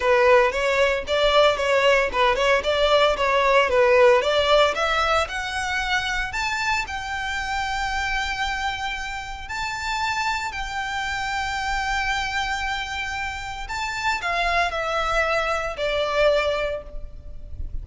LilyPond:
\new Staff \with { instrumentName = "violin" } { \time 4/4 \tempo 4 = 114 b'4 cis''4 d''4 cis''4 | b'8 cis''8 d''4 cis''4 b'4 | d''4 e''4 fis''2 | a''4 g''2.~ |
g''2 a''2 | g''1~ | g''2 a''4 f''4 | e''2 d''2 | }